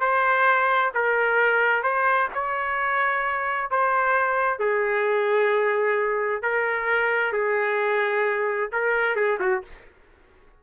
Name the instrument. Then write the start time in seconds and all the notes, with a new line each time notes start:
trumpet
0.00 C5
0.94 A#4
1.83 C5
2.34 C#5
3.70 C5
4.59 G#4
6.42 A#4
7.32 G#4
8.72 A#4
9.16 G#4
9.40 F#4